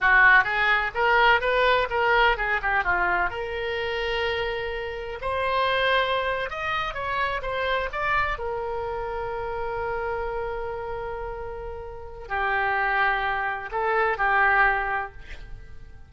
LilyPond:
\new Staff \with { instrumentName = "oboe" } { \time 4/4 \tempo 4 = 127 fis'4 gis'4 ais'4 b'4 | ais'4 gis'8 g'8 f'4 ais'4~ | ais'2. c''4~ | c''4.~ c''16 dis''4 cis''4 c''16~ |
c''8. d''4 ais'2~ ais'16~ | ais'1~ | ais'2 g'2~ | g'4 a'4 g'2 | }